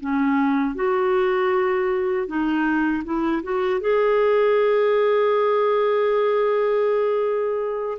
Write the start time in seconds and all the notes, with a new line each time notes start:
0.00 C#4
0.75 F#4
2.27 D#4
3.04 E4
3.42 F#4
3.80 G#4